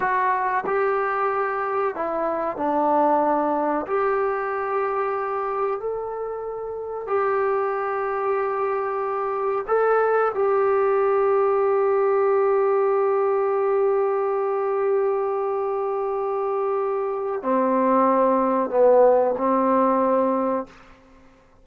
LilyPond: \new Staff \with { instrumentName = "trombone" } { \time 4/4 \tempo 4 = 93 fis'4 g'2 e'4 | d'2 g'2~ | g'4 a'2 g'4~ | g'2. a'4 |
g'1~ | g'1~ | g'2. c'4~ | c'4 b4 c'2 | }